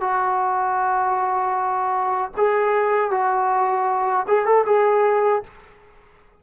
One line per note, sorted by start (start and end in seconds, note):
0.00 2.31 F#4
2.37 3.10 G#4
3.10 4.26 F#4
4.27 4.45 G#4
4.45 4.65 A4
4.66 5.43 G#4